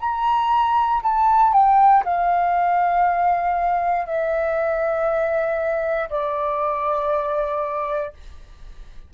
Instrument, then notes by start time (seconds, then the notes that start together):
flute
0.00 A#5
1.03 A5
1.53 G5
2.05 F5
4.06 E5
6.10 D5